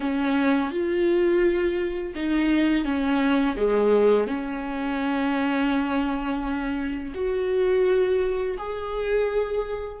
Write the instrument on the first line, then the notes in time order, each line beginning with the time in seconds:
viola
0.00 C#4
0.71 F4
2.15 D#4
2.84 C#4
3.56 G#3
4.27 C#4
7.14 F#4
8.57 G#4